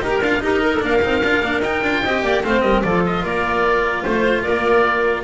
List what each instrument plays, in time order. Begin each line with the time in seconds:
0.00 double bass D#4, cello G4, oboe A#4, clarinet A#4
0.21 double bass D4, cello F4, oboe F5
0.40 cello D#4, double bass D#4, clarinet G4, oboe A#4
0.62 clarinet A#4
0.73 clarinet A4
0.79 double bass A#3, cello D4, clarinet A#4, oboe F5
1.02 double bass C4, cello D#4
1.22 double bass D4, cello F4
1.41 double bass A#3, cello D4
1.60 double bass D#4, cello D#4, oboe G5
1.82 double bass D4, cello F4
2.03 double bass C4, cello G4, clarinet D#5
2.22 double bass A#3, clarinet D5
2.43 double bass A3, cello C4, clarinet C5, oboe F5
2.61 double bass G3, clarinet A#4, oboe D#5
2.82 double bass F3, cello F4, clarinet A4, oboe D5
3.06 oboe D#5
3.22 double bass A#3, clarinet A#4, oboe D5
4.03 double bass A3, oboe C5, clarinet C5
4.42 double bass A#3, clarinet A#4, oboe D5